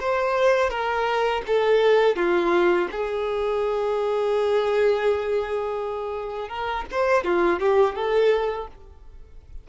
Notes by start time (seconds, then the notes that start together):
0.00 C5
0.70 A#4
1.47 A4
2.16 F4
2.91 G#4
6.49 A#4
6.91 C5
7.24 F4
7.59 G4
7.95 A4